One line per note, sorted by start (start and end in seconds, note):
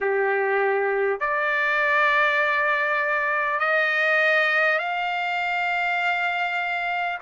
0.01 1.20 G4
1.20 3.59 D5
3.59 4.78 D#5
4.78 7.18 F5